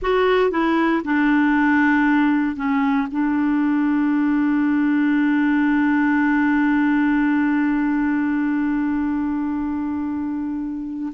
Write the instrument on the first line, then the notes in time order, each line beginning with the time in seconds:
clarinet
0.01 F#4
0.50 E4
1.04 D4
2.56 C#4
3.11 D4